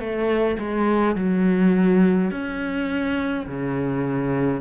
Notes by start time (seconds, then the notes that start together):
0.00 A3
0.59 G#3
1.16 F#3
2.31 C#4
3.47 C#3